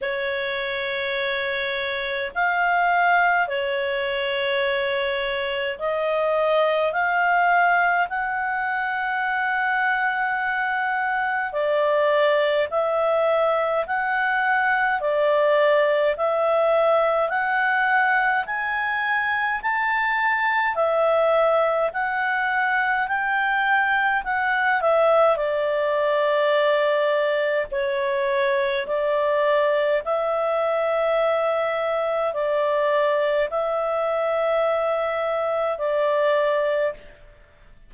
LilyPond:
\new Staff \with { instrumentName = "clarinet" } { \time 4/4 \tempo 4 = 52 cis''2 f''4 cis''4~ | cis''4 dis''4 f''4 fis''4~ | fis''2 d''4 e''4 | fis''4 d''4 e''4 fis''4 |
gis''4 a''4 e''4 fis''4 | g''4 fis''8 e''8 d''2 | cis''4 d''4 e''2 | d''4 e''2 d''4 | }